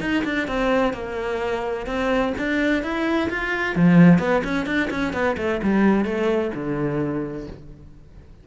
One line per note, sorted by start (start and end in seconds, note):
0.00 0.23 D#4
0.24 0.47 D4
0.47 0.93 C4
0.93 1.86 A#3
1.86 2.33 C4
2.38 2.82 D4
2.82 3.29 E4
3.29 3.75 F4
3.75 4.19 F3
4.19 4.42 B3
4.44 4.66 C#4
4.66 4.89 D4
4.90 5.13 C#4
5.13 5.36 B3
5.37 5.60 A3
5.63 6.04 G3
6.04 6.51 A3
6.54 7.47 D3